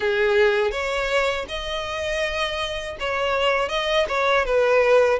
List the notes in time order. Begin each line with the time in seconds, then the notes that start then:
0.00 G#4
0.71 C#5
1.48 D#5
2.99 C#5
3.68 D#5
4.08 C#5
4.45 B4